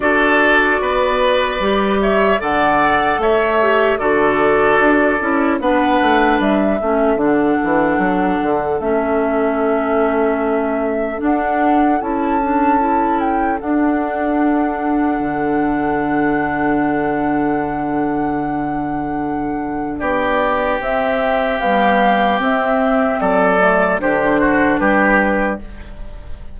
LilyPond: <<
  \new Staff \with { instrumentName = "flute" } { \time 4/4 \tempo 4 = 75 d''2~ d''8 e''8 fis''4 | e''4 d''2 fis''4 | e''4 fis''2 e''4~ | e''2 fis''4 a''4~ |
a''8 g''8 fis''2.~ | fis''1~ | fis''4 d''4 e''4 f''4 | e''4 d''4 c''4 b'4 | }
  \new Staff \with { instrumentName = "oboe" } { \time 4/4 a'4 b'4. cis''8 d''4 | cis''4 a'2 b'4~ | b'8 a'2.~ a'8~ | a'1~ |
a'1~ | a'1~ | a'4 g'2.~ | g'4 a'4 g'8 fis'8 g'4 | }
  \new Staff \with { instrumentName = "clarinet" } { \time 4/4 fis'2 g'4 a'4~ | a'8 g'8 fis'4. e'8 d'4~ | d'8 cis'8 d'2 cis'4~ | cis'2 d'4 e'8 d'8 |
e'4 d'2.~ | d'1~ | d'2 c'4 g4 | c'4. a8 d'2 | }
  \new Staff \with { instrumentName = "bassoon" } { \time 4/4 d'4 b4 g4 d4 | a4 d4 d'8 cis'8 b8 a8 | g8 a8 d8 e8 fis8 d8 a4~ | a2 d'4 cis'4~ |
cis'4 d'2 d4~ | d1~ | d4 b4 c'4 b4 | c'4 fis4 d4 g4 | }
>>